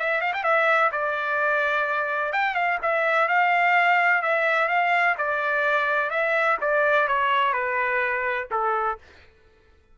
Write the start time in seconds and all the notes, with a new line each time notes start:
0.00 E5
0.22 F5
0.34 G5
0.44 E5
0.92 D5
2.33 G5
2.55 F5
2.83 E5
3.29 F5
4.23 E5
4.69 F5
5.18 D5
6.11 E5
6.62 D5
7.08 C#5
7.54 B4
8.51 A4